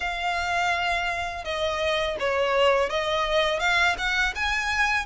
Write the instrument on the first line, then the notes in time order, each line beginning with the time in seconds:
violin
0.00 F5
1.44 D#5
2.19 C#5
2.89 D#5
3.59 F5
3.98 F#5
4.35 G#5